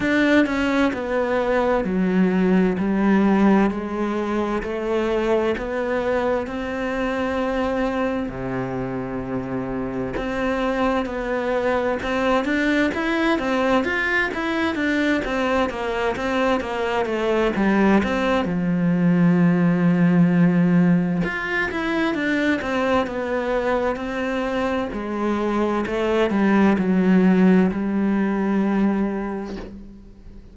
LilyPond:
\new Staff \with { instrumentName = "cello" } { \time 4/4 \tempo 4 = 65 d'8 cis'8 b4 fis4 g4 | gis4 a4 b4 c'4~ | c'4 c2 c'4 | b4 c'8 d'8 e'8 c'8 f'8 e'8 |
d'8 c'8 ais8 c'8 ais8 a8 g8 c'8 | f2. f'8 e'8 | d'8 c'8 b4 c'4 gis4 | a8 g8 fis4 g2 | }